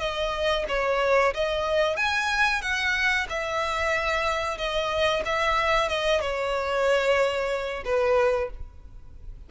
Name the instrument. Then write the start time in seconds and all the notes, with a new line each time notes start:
violin
0.00 D#5
0.69 C#5
1.34 D#5
1.97 G#5
2.62 F#5
3.30 E5
4.58 D#5
5.25 E5
5.89 D#5
6.21 C#5
7.85 B4